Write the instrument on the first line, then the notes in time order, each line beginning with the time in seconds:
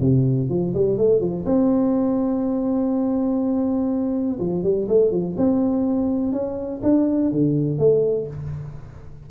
tuba
0.00 C3
0.49 F3
0.74 G3
0.97 A3
1.20 F3
1.45 C4
4.39 F3
4.63 G3
4.88 A3
5.11 F3
5.37 C4
6.32 C#4
6.82 D4
7.31 D3
7.78 A3